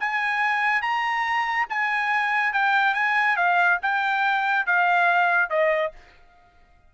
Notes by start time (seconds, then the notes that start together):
0.00 G#5
0.82 A#5
1.70 G#5
2.53 G5
2.94 G#5
3.37 F5
3.83 G5
4.66 F5
5.50 D#5